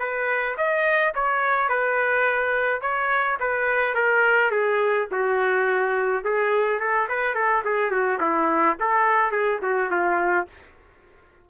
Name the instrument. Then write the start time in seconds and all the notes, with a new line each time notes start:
trumpet
0.00 B4
0.58 D#5
1.15 C#5
1.70 B4
2.82 C#5
3.40 B4
3.95 A#4
4.52 G#4
5.12 F#4
6.25 G#4
6.80 A4
7.09 B4
7.35 A4
7.65 G#4
7.91 F#4
8.21 E4
8.80 A4
9.32 G#4
9.63 F#4
9.91 F4